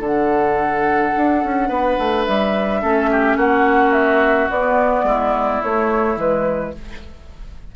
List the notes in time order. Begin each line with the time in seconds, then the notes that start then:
0.00 D3 D4 A4 F#5
1.17 D4
1.44 C#4
1.69 B3 B4
1.99 A3
2.26 G3 E5
2.82 A3 C#4 A4
3.11 G4
3.37 A#3 F#4 F#5
3.93 E5
4.50 B3 D5
5.03 G#3 E4
5.62 A3 C#5
6.16 E3 G#3 B4